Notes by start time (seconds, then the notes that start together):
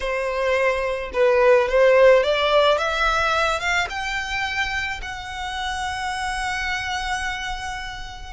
0.00 C5
1.13 B4
1.68 C5
2.23 D5
2.78 E5
3.60 F5
3.89 G5
5.02 F#5